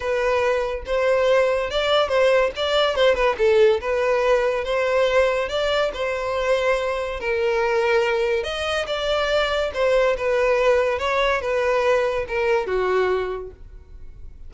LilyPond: \new Staff \with { instrumentName = "violin" } { \time 4/4 \tempo 4 = 142 b'2 c''2 | d''4 c''4 d''4 c''8 b'8 | a'4 b'2 c''4~ | c''4 d''4 c''2~ |
c''4 ais'2. | dis''4 d''2 c''4 | b'2 cis''4 b'4~ | b'4 ais'4 fis'2 | }